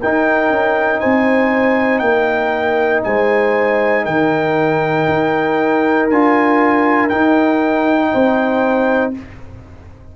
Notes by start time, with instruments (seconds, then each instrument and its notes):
0.00 tuba D#4, trombone D#4, horn A#4, trumpet G5
0.49 tuba C#4
1.00 tuba C4, horn C5, trumpet G#5
1.99 tuba A#3, horn A#4, trumpet G5
3.03 tuba G#3, horn C5, trumpet G#5
4.05 tuba D#3, horn A#4, trumpet G5
5.08 tuba D#4
6.09 tuba D4, trombone F4, trumpet G#5
7.09 trombone D#4, tuba D#4, trumpet G5
8.12 tuba C4, horn C5